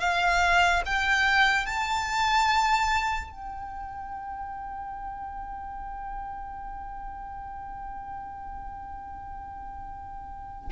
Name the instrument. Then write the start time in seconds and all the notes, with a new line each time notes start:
violin
0.00 F5
0.86 G5
1.66 A5
3.30 G5